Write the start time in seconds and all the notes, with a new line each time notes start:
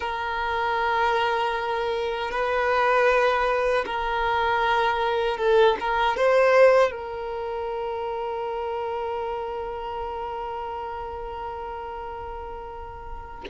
0.00 A#4
2.30 B4
3.85 A#4
5.37 A4
5.79 A#4
6.16 C5
6.90 A#4